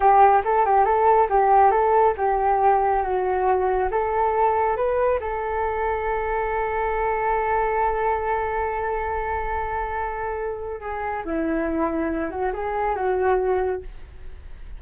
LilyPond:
\new Staff \with { instrumentName = "flute" } { \time 4/4 \tempo 4 = 139 g'4 a'8 g'8 a'4 g'4 | a'4 g'2 fis'4~ | fis'4 a'2 b'4 | a'1~ |
a'1~ | a'1~ | a'4 gis'4 e'2~ | e'8 fis'8 gis'4 fis'2 | }